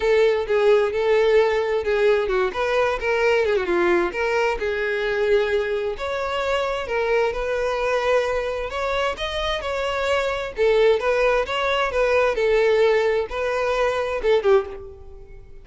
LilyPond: \new Staff \with { instrumentName = "violin" } { \time 4/4 \tempo 4 = 131 a'4 gis'4 a'2 | gis'4 fis'8 b'4 ais'4 gis'16 fis'16 | f'4 ais'4 gis'2~ | gis'4 cis''2 ais'4 |
b'2. cis''4 | dis''4 cis''2 a'4 | b'4 cis''4 b'4 a'4~ | a'4 b'2 a'8 g'8 | }